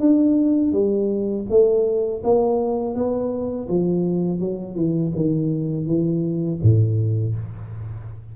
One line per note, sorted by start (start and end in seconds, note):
0.00 0.73 D4
0.73 1.46 G3
1.50 2.23 A3
2.24 2.95 A#3
2.95 3.69 B3
3.69 4.40 F3
4.40 4.76 F#3
4.76 5.13 E3
5.16 5.86 D#3
5.86 6.60 E3
6.63 7.36 A2